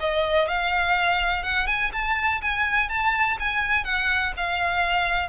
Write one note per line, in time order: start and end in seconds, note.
0.00 0.48 D#5
0.48 1.43 F5
1.43 1.67 F#5
1.67 1.91 G#5
1.93 2.41 A5
2.41 2.89 G#5
2.89 3.38 A5
3.39 3.84 G#5
3.84 4.33 F#5
4.37 5.29 F5